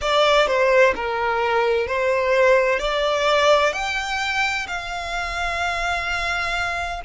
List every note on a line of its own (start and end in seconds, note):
0.01 0.47 D5
0.47 0.94 C5
0.95 1.87 A#4
1.87 2.79 C5
2.79 3.72 D5
3.72 4.66 G5
4.67 7.01 F5